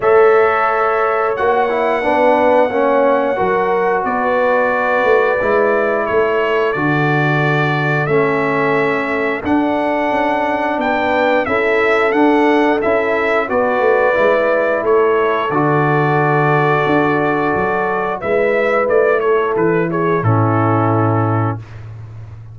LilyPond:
<<
  \new Staff \with { instrumentName = "trumpet" } { \time 4/4 \tempo 4 = 89 e''2 fis''2~ | fis''2 d''2~ | d''4 cis''4 d''2 | e''2 fis''2 |
g''4 e''4 fis''4 e''4 | d''2 cis''4 d''4~ | d''2. e''4 | d''8 cis''8 b'8 cis''8 a'2 | }
  \new Staff \with { instrumentName = "horn" } { \time 4/4 cis''2. b'4 | cis''4 ais'4 b'2~ | b'4 a'2.~ | a'1 |
b'4 a'2. | b'2 a'2~ | a'2. b'4~ | b'8 a'4 gis'8 e'2 | }
  \new Staff \with { instrumentName = "trombone" } { \time 4/4 a'2 fis'8 e'8 d'4 | cis'4 fis'2. | e'2 fis'2 | cis'2 d'2~ |
d'4 e'4 d'4 e'4 | fis'4 e'2 fis'4~ | fis'2. e'4~ | e'2 cis'2 | }
  \new Staff \with { instrumentName = "tuba" } { \time 4/4 a2 ais4 b4 | ais4 fis4 b4. a8 | gis4 a4 d2 | a2 d'4 cis'4 |
b4 cis'4 d'4 cis'4 | b8 a8 gis4 a4 d4~ | d4 d'4 fis4 gis4 | a4 e4 a,2 | }
>>